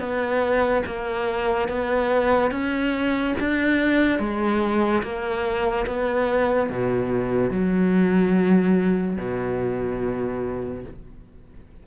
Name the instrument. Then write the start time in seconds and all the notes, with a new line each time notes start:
cello
0.00 B3
0.87 A#3
1.69 B3
2.52 C#4
3.40 D4
4.20 G#3
5.03 A#3
5.87 B3
6.70 B2
7.51 F#3
9.17 B2